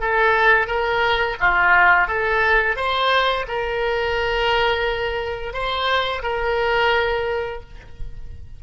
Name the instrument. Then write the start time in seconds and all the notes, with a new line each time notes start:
oboe
0.00 A4
0.67 A#4
1.39 F4
2.07 A4
2.76 C5
3.47 A#4
5.53 C5
6.22 A#4